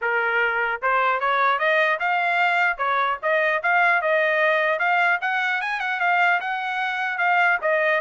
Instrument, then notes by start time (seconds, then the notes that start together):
trumpet
0.01 A#4
0.82 C5
1.20 C#5
1.59 D#5
1.99 F5
2.77 C#5
3.22 D#5
3.62 F5
4.01 D#5
4.79 F5
5.21 F#5
5.61 G#5
5.79 F#5
6.00 F5
6.40 F#5
7.18 F5
7.61 D#5